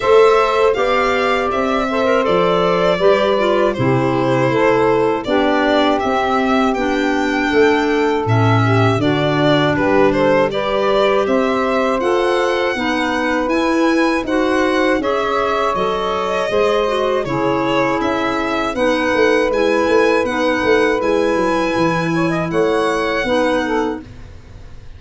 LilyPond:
<<
  \new Staff \with { instrumentName = "violin" } { \time 4/4 \tempo 4 = 80 e''4 f''4 e''4 d''4~ | d''4 c''2 d''4 | e''4 g''2 e''4 | d''4 b'8 c''8 d''4 e''4 |
fis''2 gis''4 fis''4 | e''4 dis''2 cis''4 | e''4 fis''4 gis''4 fis''4 | gis''2 fis''2 | }
  \new Staff \with { instrumentName = "saxophone" } { \time 4/4 c''4 d''4. c''4. | b'4 g'4 a'4 g'4~ | g'2 a'4. g'8 | fis'4 g'8 a'8 b'4 c''4~ |
c''4 b'2 c''4 | cis''2 c''4 gis'4~ | gis'4 b'2.~ | b'4. cis''16 dis''16 cis''4 b'8 a'8 | }
  \new Staff \with { instrumentName = "clarinet" } { \time 4/4 a'4 g'4. a'16 ais'16 a'4 | g'8 f'8 e'2 d'4 | c'4 d'2 cis'4 | d'2 g'2 |
a'4 dis'4 e'4 fis'4 | gis'4 a'4 gis'8 fis'8 e'4~ | e'4 dis'4 e'4 dis'4 | e'2. dis'4 | }
  \new Staff \with { instrumentName = "tuba" } { \time 4/4 a4 b4 c'4 f4 | g4 c4 a4 b4 | c'4 b4 a4 a,4 | d4 g2 c'4 |
f'4 b4 e'4 dis'4 | cis'4 fis4 gis4 cis4 | cis'4 b8 a8 gis8 a8 b8 a8 | gis8 fis8 e4 a4 b4 | }
>>